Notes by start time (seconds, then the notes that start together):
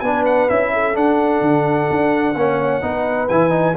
0.00 B3 D4 B4 G#5
0.26 F#5
0.49 C#4 E4 E5
0.73 A4
0.94 D4 F#5
1.41 D3
1.90 D4
2.35 A#3 C#4 C#5
2.82 B3 D#4 B4
3.29 E3 E4 G#5
3.50 D#4